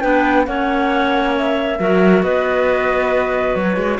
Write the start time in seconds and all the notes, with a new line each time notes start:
0.00 B3 D4 B4 G5
0.46 A#3 C#4 C#5 F#5
1.37 E5
1.79 F#3 F#4 A#4
2.23 B3 B4 D#5
3.55 F#3 C#5
3.76 G#3